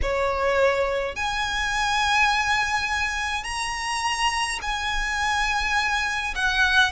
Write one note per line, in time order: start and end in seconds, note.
0.02 1.15 C#5
1.15 3.44 G#5
3.44 4.59 A#5
4.61 6.34 G#5
6.35 6.91 F#5